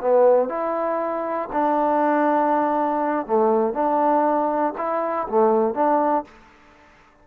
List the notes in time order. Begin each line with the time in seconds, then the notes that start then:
0.00 B3
0.48 E4
1.52 D4
3.26 A3
3.73 D4
4.77 E4
5.28 A3
5.74 D4